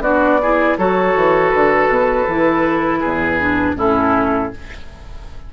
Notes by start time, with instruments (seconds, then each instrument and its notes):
0.00 bassoon B3, clarinet D4, oboe F#4, flute D5
0.42 clarinet E4, oboe G#4
0.78 bassoon F#3, clarinet F#4, oboe A4, flute C#5
1.15 bassoon E3
1.50 bassoon D3, flute B4
1.88 bassoon B2
2.28 bassoon E3, clarinet E4
3.00 bassoon E2, oboe G#4
3.40 clarinet D4
3.75 bassoon A2, clarinet C#4, oboe E4, flute A4